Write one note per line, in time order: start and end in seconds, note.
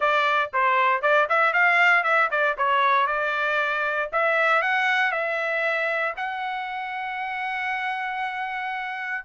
0.00 0.51 D5
0.53 1.02 C5
1.02 1.27 D5
1.29 1.53 E5
1.53 2.03 F5
2.03 2.29 E5
2.30 2.56 D5
2.57 3.07 C#5
3.07 4.09 D5
4.12 4.62 E5
4.62 5.11 F#5
5.11 6.14 E5
6.17 9.24 F#5